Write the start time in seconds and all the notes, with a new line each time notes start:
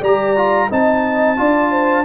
0.00 G3 G4 D5 A#5
0.36 F4
0.69 C4 D#4 D#5 A5
1.37 D4 F4 D5
1.71 C5